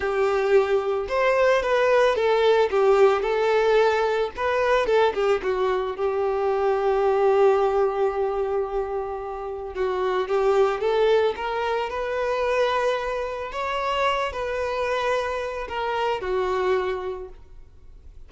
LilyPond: \new Staff \with { instrumentName = "violin" } { \time 4/4 \tempo 4 = 111 g'2 c''4 b'4 | a'4 g'4 a'2 | b'4 a'8 g'8 fis'4 g'4~ | g'1~ |
g'2 fis'4 g'4 | a'4 ais'4 b'2~ | b'4 cis''4. b'4.~ | b'4 ais'4 fis'2 | }